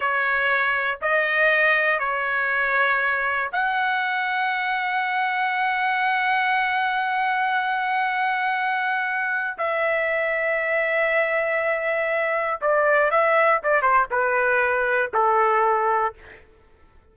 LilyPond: \new Staff \with { instrumentName = "trumpet" } { \time 4/4 \tempo 4 = 119 cis''2 dis''2 | cis''2. fis''4~ | fis''1~ | fis''1~ |
fis''2. e''4~ | e''1~ | e''4 d''4 e''4 d''8 c''8 | b'2 a'2 | }